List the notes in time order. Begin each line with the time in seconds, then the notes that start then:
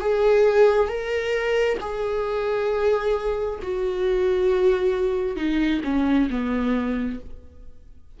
0.00 G#4
0.88 A#4
1.80 G#4
3.62 F#4
5.36 D#4
5.84 C#4
6.30 B3